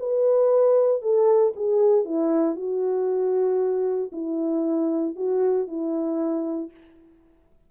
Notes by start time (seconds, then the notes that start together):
0.00 B4
1.02 A4
1.56 G#4
2.05 E4
2.56 F#4
4.13 E4
5.16 F#4
5.68 E4